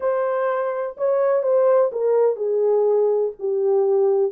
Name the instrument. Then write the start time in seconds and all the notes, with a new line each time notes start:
horn
0.00 C5
0.97 C#5
1.42 C5
1.92 A#4
2.35 G#4
3.39 G4